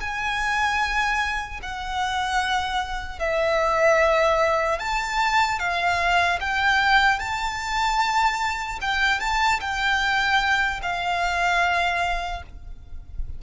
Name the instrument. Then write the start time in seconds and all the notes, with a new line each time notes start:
violin
0.00 G#5
1.62 F#5
3.19 E5
4.79 A5
5.59 F5
6.40 G5
7.19 A5
8.81 G5
9.20 A5
9.60 G5
10.82 F5